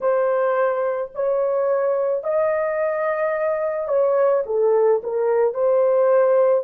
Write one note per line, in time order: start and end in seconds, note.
0.00 1.11 C5
1.15 2.23 C#5
2.23 3.88 D#5
3.88 4.43 C#5
4.45 5.01 A4
5.03 5.54 A#4
5.54 6.64 C5